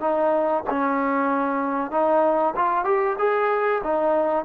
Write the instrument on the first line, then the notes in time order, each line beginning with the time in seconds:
trombone
0.00 D#4
0.69 C#4
1.91 D#4
2.56 F4
2.84 G4
3.18 G#4
3.83 D#4